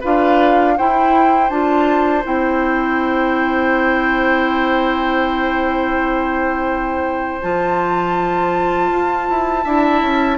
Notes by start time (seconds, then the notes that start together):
0.00 D4 F4 B4 F5
0.77 E4 C5 G5
1.50 D4 F4 A5
2.23 C4 E4 G5
7.41 F3 F4 A5
8.91 F4
9.30 E4
9.64 D4 E4 E5
10.02 C#4